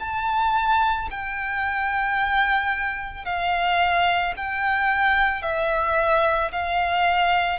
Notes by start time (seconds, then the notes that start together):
0.00 A5
1.11 G5
3.25 F5
4.37 G5
5.42 E5
6.52 F5